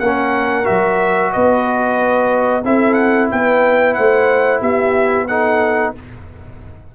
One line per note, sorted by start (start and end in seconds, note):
0.00 0.66 A#3
0.00 0.65 C#4
0.00 1.33 A#4
0.00 0.66 F#5
0.65 1.36 F#3
0.65 2.63 F#4
0.65 1.32 E5
1.33 2.65 B3
1.33 2.65 B4
1.33 2.65 D#5
2.65 3.31 C4
2.65 5.29 E4
2.65 3.32 A4
2.65 2.94 E5
2.94 3.27 F#5
3.32 3.98 B3
3.32 3.97 B4
3.32 3.95 G5
3.95 4.62 A3
3.95 4.61 C5
3.95 4.60 F#5
4.61 5.94 B3
4.61 5.27 G4
4.61 5.28 E5
5.28 5.96 D#4
5.28 5.94 A4
5.28 5.94 F#5